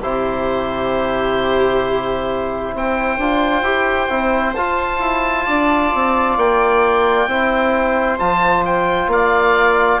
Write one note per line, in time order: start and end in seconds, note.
0.00 2.73 C3
0.00 3.20 E4
0.00 2.73 G4
0.00 2.74 C5
2.73 3.18 C4
2.73 5.46 C5
2.73 4.55 G5
3.18 3.62 D4
3.18 3.63 F4
3.62 4.07 E4
3.62 4.09 G4
4.09 4.55 C4
4.09 4.54 E4
4.55 4.99 F4
4.55 7.29 F4
4.55 6.37 A5
4.99 5.44 E4
5.46 5.93 D4
5.46 7.27 D5
5.94 6.36 C4
6.36 7.27 A#3
6.36 8.19 G5
7.27 8.17 C4
7.27 8.19 E4
7.27 9.11 C5
8.19 9.07 F3
8.19 10.00 F4
8.19 8.64 A5
8.65 9.10 G5
9.07 9.98 A#3
9.07 10.00 D5
9.07 10.00 F5